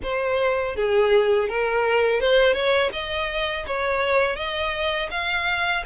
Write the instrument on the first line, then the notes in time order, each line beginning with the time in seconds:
violin
0.02 C5
0.76 G#4
1.48 A#4
2.20 C5
2.53 C#5
2.92 D#5
3.67 C#5
4.36 D#5
5.11 F5